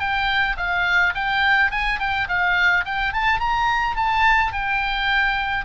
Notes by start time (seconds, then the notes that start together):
0.00 G5
0.57 F5
1.15 G5
1.72 G#5
2.00 G5
2.28 F5
2.85 G5
3.14 A5
3.40 A#5
3.97 A5
4.53 G5